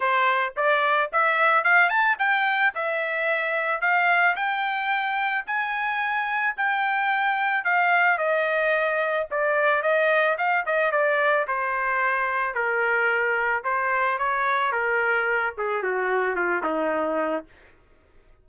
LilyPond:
\new Staff \with { instrumentName = "trumpet" } { \time 4/4 \tempo 4 = 110 c''4 d''4 e''4 f''8 a''8 | g''4 e''2 f''4 | g''2 gis''2 | g''2 f''4 dis''4~ |
dis''4 d''4 dis''4 f''8 dis''8 | d''4 c''2 ais'4~ | ais'4 c''4 cis''4 ais'4~ | ais'8 gis'8 fis'4 f'8 dis'4. | }